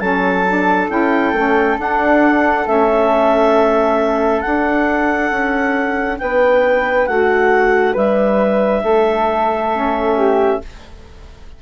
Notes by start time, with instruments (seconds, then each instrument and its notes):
0.00 bassoon F#3, saxophone C#4, flute A4, clarinet A5
0.48 saxophone D4
0.90 bassoon C#4, saxophone E4, clarinet G5
1.33 bassoon A3, saxophone C#4
1.79 bassoon D4, saxophone D4, clarinet F#5
2.66 bassoon A3, saxophone C#4, clarinet E5
4.41 saxophone D4, bassoon D4, clarinet F#5
5.31 bassoon C#4
6.18 bassoon B3, flute B4, clarinet G5
7.06 bassoon A3, flute F#4, clarinet F#5
7.93 bassoon G3, flute B4, clarinet E5
8.83 bassoon A3, flute A4
9.72 saxophone C#4
10.16 flute G4